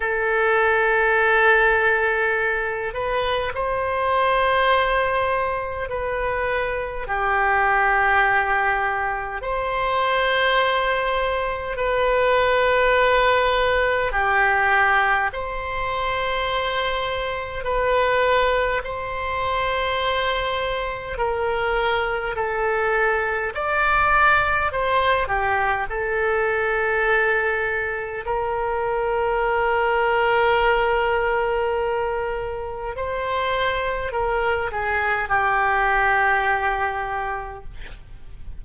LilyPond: \new Staff \with { instrumentName = "oboe" } { \time 4/4 \tempo 4 = 51 a'2~ a'8 b'8 c''4~ | c''4 b'4 g'2 | c''2 b'2 | g'4 c''2 b'4 |
c''2 ais'4 a'4 | d''4 c''8 g'8 a'2 | ais'1 | c''4 ais'8 gis'8 g'2 | }